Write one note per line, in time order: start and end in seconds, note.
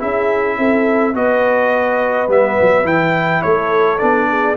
0.00 0.58 C#4
0.00 1.14 E4
0.00 0.57 G#4
0.00 1.16 E5
0.58 1.15 C4
0.58 1.15 A4
1.15 2.29 B3
1.15 2.29 F#4
1.15 3.43 B4
1.15 2.30 D#5
2.29 2.57 G3
2.29 2.84 B3
2.29 2.87 E5
2.61 2.84 F#3
2.84 3.41 E3
2.84 3.99 E4
2.84 3.43 G5
3.43 4.02 A3
3.43 4.29 A4
3.43 3.99 C#5
3.99 4.57 B3
3.99 4.56 D4
3.99 4.56 D5
4.30 4.57 G#4